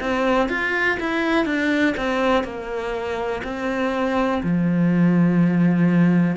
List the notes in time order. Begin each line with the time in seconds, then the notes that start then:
0.00 C4
0.49 F4
1.00 E4
1.45 D4
1.97 C4
2.44 A#3
3.44 C4
4.43 F3